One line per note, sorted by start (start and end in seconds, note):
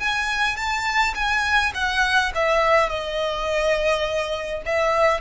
0.00 0.57 G#5
0.57 1.14 A5
1.15 1.73 G#5
1.75 2.32 F#5
2.35 2.90 E5
2.90 4.63 D#5
4.66 5.21 E5